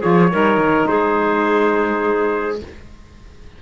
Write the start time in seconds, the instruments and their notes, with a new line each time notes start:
0.00 cello F3, saxophone F4, clarinet G#4, trumpet C#5
0.30 cello G3, saxophone D#4, clarinet A#4
0.57 cello D#3
0.87 cello G#3, clarinet G#4, trumpet C5